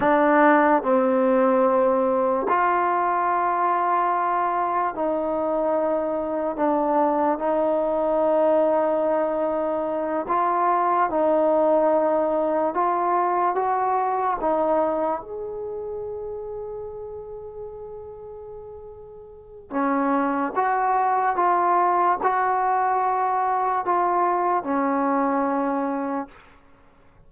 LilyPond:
\new Staff \with { instrumentName = "trombone" } { \time 4/4 \tempo 4 = 73 d'4 c'2 f'4~ | f'2 dis'2 | d'4 dis'2.~ | dis'8 f'4 dis'2 f'8~ |
f'8 fis'4 dis'4 gis'4.~ | gis'1 | cis'4 fis'4 f'4 fis'4~ | fis'4 f'4 cis'2 | }